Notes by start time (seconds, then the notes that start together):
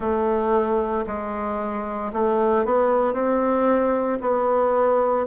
0.00 A3
1.06 G#3
2.12 A3
2.65 B3
3.13 C4
4.21 B3